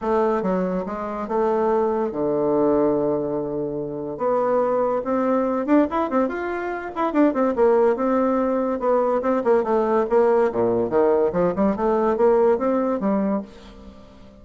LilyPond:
\new Staff \with { instrumentName = "bassoon" } { \time 4/4 \tempo 4 = 143 a4 fis4 gis4 a4~ | a4 d2.~ | d2 b2 | c'4. d'8 e'8 c'8 f'4~ |
f'8 e'8 d'8 c'8 ais4 c'4~ | c'4 b4 c'8 ais8 a4 | ais4 ais,4 dis4 f8 g8 | a4 ais4 c'4 g4 | }